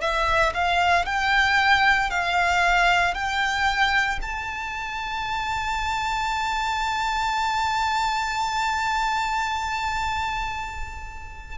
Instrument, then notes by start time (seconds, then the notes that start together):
violin
0.00 E5
0.54 F5
1.05 G5
2.10 F5
3.14 G5
4.22 A5